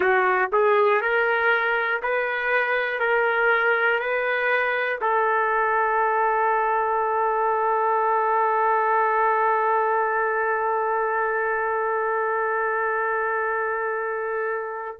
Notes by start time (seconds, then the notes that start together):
0.00 F#4
0.52 G#4
1.00 A#4
2.02 B4
3.00 A#4
3.99 B4
5.00 A4